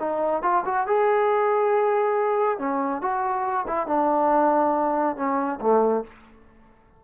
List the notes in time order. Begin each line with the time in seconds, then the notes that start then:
0.00 D#4
0.43 F4
0.66 F#4
0.87 G#4
2.59 C#4
3.02 F#4
3.68 E4
3.87 D4
5.17 C#4
5.61 A3